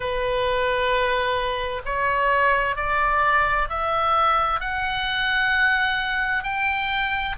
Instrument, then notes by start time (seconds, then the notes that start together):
oboe
0.00 B4
1.85 C#5
2.76 D5
3.69 E5
4.60 F#5
6.43 G5